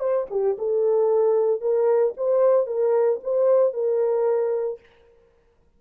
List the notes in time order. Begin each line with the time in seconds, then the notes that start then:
0.00 C5
0.30 G4
0.59 A4
1.61 A#4
2.17 C5
2.67 A#4
3.23 C5
3.74 A#4